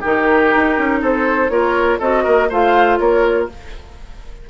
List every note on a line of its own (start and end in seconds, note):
0.00 0.55 D#3
0.00 1.50 D#4
0.00 0.99 G4
0.00 1.03 A#4
0.56 0.78 D#4
0.78 1.02 C#4
1.02 1.50 C4
1.02 1.51 A4
1.02 1.49 C5
1.49 1.99 A#3
1.49 2.00 F4
1.49 1.99 A#4
1.49 1.99 C#5
1.99 2.26 C4
1.99 2.50 F#4
1.99 2.23 A4
1.99 2.51 D#5
2.23 2.51 A#3
2.23 2.48 A#4
2.49 3.00 A3
2.49 3.49 F4
2.49 2.99 C5
2.49 2.99 F5
2.99 3.49 A#3
2.99 3.50 A#4
2.99 3.49 C#5